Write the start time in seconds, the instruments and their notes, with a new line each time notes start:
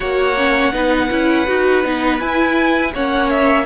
0.00 cello A#3, viola F#4, violin C#5 F#5
0.36 viola C#4
0.72 cello B3, viola D#4, violin B4
1.10 cello C#4, viola E4
1.46 cello D#4, viola F#4
1.83 cello B3, viola D#4
2.19 cello E4, viola E4, violin G#5
2.94 cello A#3, viola C#4, violin C#5 F#5
3.30 violin E5